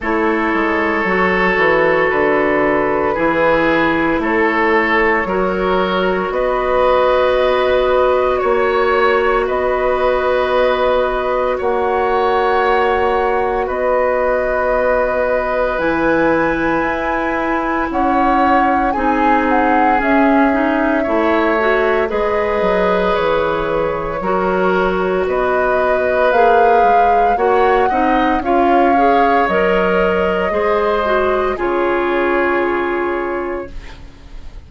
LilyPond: <<
  \new Staff \with { instrumentName = "flute" } { \time 4/4 \tempo 4 = 57 cis''2 b'2 | cis''2 dis''2 | cis''4 dis''2 fis''4~ | fis''4 dis''2 gis''4~ |
gis''4 fis''4 gis''8 fis''8 e''4~ | e''4 dis''4 cis''2 | dis''4 f''4 fis''4 f''4 | dis''2 cis''2 | }
  \new Staff \with { instrumentName = "oboe" } { \time 4/4 a'2. gis'4 | a'4 ais'4 b'2 | cis''4 b'2 cis''4~ | cis''4 b'2.~ |
b'4 cis''4 gis'2 | cis''4 b'2 ais'4 | b'2 cis''8 dis''8 cis''4~ | cis''4 c''4 gis'2 | }
  \new Staff \with { instrumentName = "clarinet" } { \time 4/4 e'4 fis'2 e'4~ | e'4 fis'2.~ | fis'1~ | fis'2. e'4~ |
e'2 dis'4 cis'8 dis'8 | e'8 fis'8 gis'2 fis'4~ | fis'4 gis'4 fis'8 dis'8 f'8 gis'8 | ais'4 gis'8 fis'8 f'2 | }
  \new Staff \with { instrumentName = "bassoon" } { \time 4/4 a8 gis8 fis8 e8 d4 e4 | a4 fis4 b2 | ais4 b2 ais4~ | ais4 b2 e4 |
e'4 cis'4 c'4 cis'4 | a4 gis8 fis8 e4 fis4 | b4 ais8 gis8 ais8 c'8 cis'4 | fis4 gis4 cis2 | }
>>